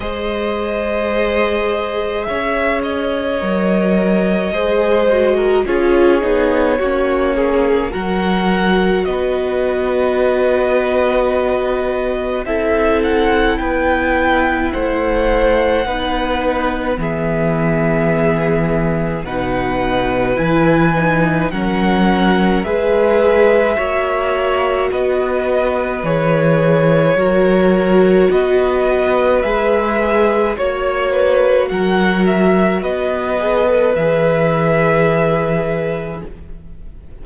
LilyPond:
<<
  \new Staff \with { instrumentName = "violin" } { \time 4/4 \tempo 4 = 53 dis''2 e''8 dis''4.~ | dis''4 cis''2 fis''4 | dis''2. e''8 fis''8 | g''4 fis''2 e''4~ |
e''4 fis''4 gis''4 fis''4 | e''2 dis''4 cis''4~ | cis''4 dis''4 e''4 cis''4 | fis''8 e''8 dis''4 e''2 | }
  \new Staff \with { instrumentName = "violin" } { \time 4/4 c''2 cis''2 | c''8. ais'16 gis'4 fis'8 gis'8 ais'4 | b'2. a'4 | b'4 c''4 b'4 gis'4~ |
gis'4 b'2 ais'4 | b'4 cis''4 b'2 | ais'4 b'2 cis''8 b'8 | ais'4 b'2. | }
  \new Staff \with { instrumentName = "viola" } { \time 4/4 gis'2. ais'4 | gis'8 fis'8 f'8 dis'8 cis'4 fis'4~ | fis'2. e'4~ | e'2 dis'4 b4~ |
b4 dis'4 e'8 dis'8 cis'4 | gis'4 fis'2 gis'4 | fis'2 gis'4 fis'4~ | fis'4. gis'16 a'16 gis'2 | }
  \new Staff \with { instrumentName = "cello" } { \time 4/4 gis2 cis'4 fis4 | gis4 cis'8 b8 ais4 fis4 | b2. c'4 | b4 a4 b4 e4~ |
e4 b,4 e4 fis4 | gis4 ais4 b4 e4 | fis4 b4 gis4 ais4 | fis4 b4 e2 | }
>>